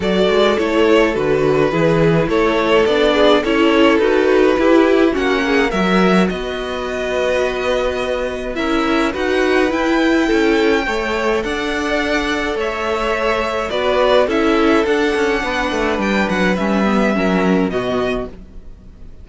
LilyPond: <<
  \new Staff \with { instrumentName = "violin" } { \time 4/4 \tempo 4 = 105 d''4 cis''4 b'2 | cis''4 d''4 cis''4 b'4~ | b'4 fis''4 e''4 dis''4~ | dis''2. e''4 |
fis''4 g''2. | fis''2 e''2 | d''4 e''4 fis''2 | g''8 fis''8 e''2 dis''4 | }
  \new Staff \with { instrumentName = "violin" } { \time 4/4 a'2. gis'4 | a'4. gis'8 a'2 | g'4 fis'8 gis'8 ais'4 b'4~ | b'2. ais'4 |
b'2 a'4 cis''4 | d''2 cis''2 | b'4 a'2 b'4~ | b'2 ais'4 fis'4 | }
  \new Staff \with { instrumentName = "viola" } { \time 4/4 fis'4 e'4 fis'4 e'4~ | e'4 d'4 e'4 fis'4 | e'4 cis'4 fis'2~ | fis'2. e'4 |
fis'4 e'2 a'4~ | a'1 | fis'4 e'4 d'2~ | d'4 cis'8 b8 cis'4 b4 | }
  \new Staff \with { instrumentName = "cello" } { \time 4/4 fis8 gis8 a4 d4 e4 | a4 b4 cis'4 dis'4 | e'4 ais4 fis4 b4~ | b2. cis'4 |
dis'4 e'4 cis'4 a4 | d'2 a2 | b4 cis'4 d'8 cis'8 b8 a8 | g8 fis8 g4 fis4 b,4 | }
>>